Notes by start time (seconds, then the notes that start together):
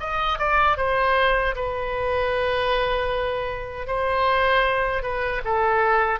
0.00 D#5
0.39 D5
0.77 C5
1.56 B4
3.87 C5
5.03 B4
5.45 A4